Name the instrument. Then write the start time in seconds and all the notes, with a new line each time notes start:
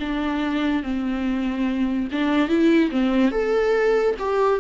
viola
0.00 D4
0.83 C4
2.12 D4
2.49 E4
2.91 C4
3.32 A4
4.19 G4